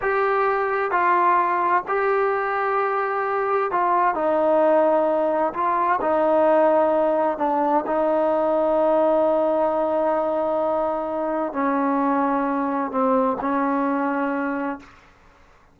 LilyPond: \new Staff \with { instrumentName = "trombone" } { \time 4/4 \tempo 4 = 130 g'2 f'2 | g'1 | f'4 dis'2. | f'4 dis'2. |
d'4 dis'2.~ | dis'1~ | dis'4 cis'2. | c'4 cis'2. | }